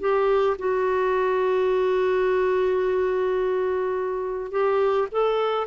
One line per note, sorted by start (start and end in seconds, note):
0.00 0.57 G4
0.58 4.51 F#4
4.51 5.08 G4
5.12 5.67 A4